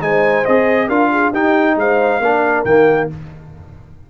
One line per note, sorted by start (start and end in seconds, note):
0.00 0.44 G#3
0.00 0.44 D#4
0.00 0.87 C5
0.00 0.45 G#5
0.45 0.88 C4
0.45 0.89 G#4
0.45 0.89 D#5
0.87 1.32 D4
0.87 1.33 F4
0.87 1.09 A#4
0.87 1.32 F5
1.11 1.30 G#4
1.30 1.75 D#4
1.30 2.22 D#4
1.30 1.74 G4
1.30 1.77 G5
1.75 2.19 G#3
1.75 2.21 C5
1.75 2.64 F5
2.19 2.63 A#3
2.19 2.66 D4
2.19 3.09 A#4
2.64 3.08 D#3
2.64 3.10 A#3
2.64 3.08 G5